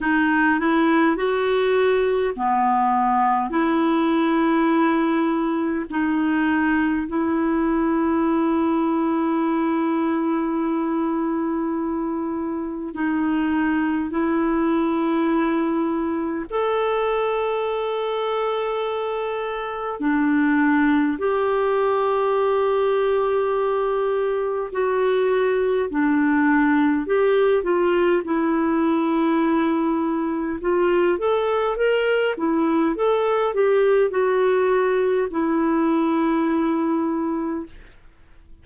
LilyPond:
\new Staff \with { instrumentName = "clarinet" } { \time 4/4 \tempo 4 = 51 dis'8 e'8 fis'4 b4 e'4~ | e'4 dis'4 e'2~ | e'2. dis'4 | e'2 a'2~ |
a'4 d'4 g'2~ | g'4 fis'4 d'4 g'8 f'8 | e'2 f'8 a'8 ais'8 e'8 | a'8 g'8 fis'4 e'2 | }